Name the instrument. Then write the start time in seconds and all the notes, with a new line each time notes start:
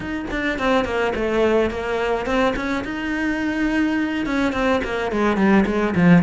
cello
0.00 D#4
0.30 D4
0.58 C4
0.85 A#3
1.15 A3
1.70 A#3
2.25 C4
2.55 C#4
2.84 D#4
4.26 C#4
4.53 C4
4.83 A#3
5.11 G#3
5.36 G3
5.66 G#3
5.95 F3